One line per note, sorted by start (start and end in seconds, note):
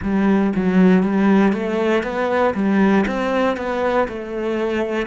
0.02 0.53 G3
0.55 1.02 F#3
1.02 1.53 G3
1.53 2.03 A3
2.03 2.54 B3
2.54 3.05 G3
3.06 3.56 C4
3.56 4.07 B3
4.08 5.07 A3